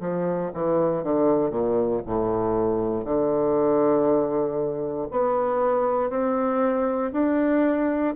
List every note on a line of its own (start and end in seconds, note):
0.00 0.51 F3
0.54 1.04 E3
1.04 1.50 D3
1.50 2.01 A#2
2.06 3.05 A2
3.05 5.08 D3
5.11 6.10 B3
6.10 7.11 C4
7.13 8.14 D4